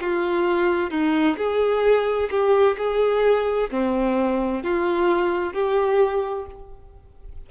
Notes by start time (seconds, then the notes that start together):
0.00 F4
0.91 D#4
1.37 G#4
2.30 G4
2.78 G#4
3.70 C4
4.63 F4
5.53 G4